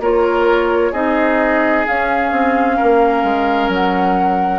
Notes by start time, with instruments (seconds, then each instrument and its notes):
0.00 bassoon A#3, clarinet F4, oboe A#4, flute C#5
0.92 bassoon C4, clarinet D#4, oboe G#4, flute D#5
1.87 clarinet C#4, bassoon C#4, flute F5
2.32 bassoon C4
2.77 bassoon A#3, oboe A#4
3.23 bassoon G#3
3.69 bassoon F#3, flute F#5